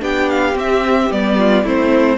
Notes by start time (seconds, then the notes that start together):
0.00 B3 D4 G4 G5
0.30 F5
0.54 C4 E5
1.11 G3 B3 D5
1.39 F4
1.64 A3 C4 E4 C5